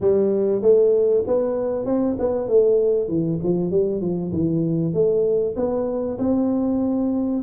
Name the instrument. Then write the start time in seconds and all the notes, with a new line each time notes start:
tuba
0.00 G3
0.62 A3
1.27 B3
1.85 C4
2.18 B3
2.48 A3
3.08 E3
3.43 F3
3.71 G3
4.01 F3
4.32 E3
4.93 A3
5.56 B3
6.18 C4